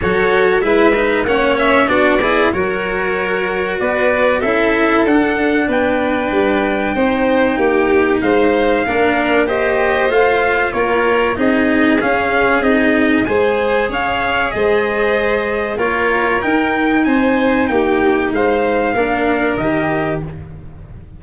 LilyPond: <<
  \new Staff \with { instrumentName = "trumpet" } { \time 4/4 \tempo 4 = 95 cis''4 e''4 fis''8 e''8 d''4 | cis''2 d''4 e''4 | fis''4 g''2.~ | g''4 f''2 dis''4 |
f''4 cis''4 dis''4 f''4 | dis''4 gis''4 f''4 dis''4~ | dis''4 cis''4 g''4 gis''4 | g''4 f''2 dis''4 | }
  \new Staff \with { instrumentName = "violin" } { \time 4/4 a'4 b'4 cis''4 fis'8 gis'8 | ais'2 b'4 a'4~ | a'4 b'2 c''4 | g'4 c''4 ais'4 c''4~ |
c''4 ais'4 gis'2~ | gis'4 c''4 cis''4 c''4~ | c''4 ais'2 c''4 | g'4 c''4 ais'2 | }
  \new Staff \with { instrumentName = "cello" } { \time 4/4 fis'4 e'8 dis'8 cis'4 d'8 e'8 | fis'2. e'4 | d'2. dis'4~ | dis'2 d'4 g'4 |
f'2 dis'4 cis'4 | dis'4 gis'2.~ | gis'4 f'4 dis'2~ | dis'2 d'4 g'4 | }
  \new Staff \with { instrumentName = "tuba" } { \time 4/4 fis4 gis4 ais4 b4 | fis2 b4 cis'4 | d'4 b4 g4 c'4 | ais4 gis4 ais2 |
a4 ais4 c'4 cis'4 | c'4 gis4 cis'4 gis4~ | gis4 ais4 dis'4 c'4 | ais4 gis4 ais4 dis4 | }
>>